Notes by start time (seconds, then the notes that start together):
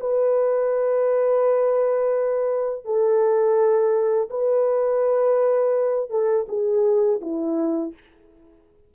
0.00 B4
2.85 A4
4.30 B4
6.10 A4
6.48 G#4
7.21 E4